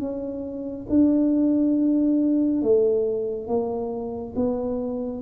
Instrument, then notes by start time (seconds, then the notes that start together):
tuba
0.00 C#4
0.90 D4
2.62 A3
3.48 A#3
4.36 B3